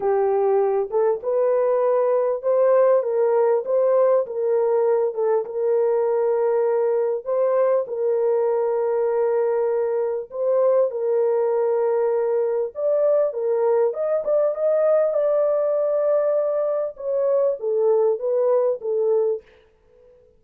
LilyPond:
\new Staff \with { instrumentName = "horn" } { \time 4/4 \tempo 4 = 99 g'4. a'8 b'2 | c''4 ais'4 c''4 ais'4~ | ais'8 a'8 ais'2. | c''4 ais'2.~ |
ais'4 c''4 ais'2~ | ais'4 d''4 ais'4 dis''8 d''8 | dis''4 d''2. | cis''4 a'4 b'4 a'4 | }